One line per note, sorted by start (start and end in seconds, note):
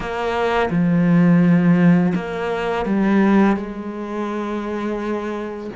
0.00 0.69 A#3
0.70 2.13 F3
2.15 2.85 A#3
2.85 3.56 G3
3.56 5.70 G#3